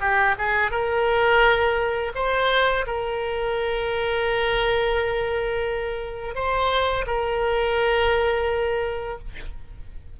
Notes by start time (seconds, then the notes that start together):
0.00 G4
0.38 G#4
0.71 A#4
2.15 C5
2.86 A#4
6.35 C5
7.06 A#4